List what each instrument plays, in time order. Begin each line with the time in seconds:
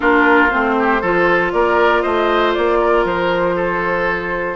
0.00 bassoon A#3, clarinet D4, oboe F4, flute A#4
0.50 bassoon A3, clarinet C4, flute C5
0.79 oboe G4
1.01 bassoon F3, clarinet F4, oboe A4
1.52 bassoon A#3, oboe A#4, flute D5
2.01 bassoon A3, oboe C5, flute D#5
2.54 bassoon A#3, flute D5
2.80 oboe A#4
3.04 bassoon F3, flute C5
3.55 oboe A4